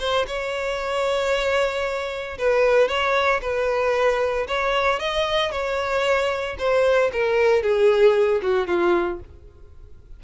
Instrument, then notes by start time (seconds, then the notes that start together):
violin
0.00 C5
0.28 C#5
2.39 B4
2.89 C#5
3.42 B4
4.48 C#5
5.00 D#5
5.52 C#5
6.59 C5
7.13 A#4
7.63 G#4
8.42 F#4
8.67 F4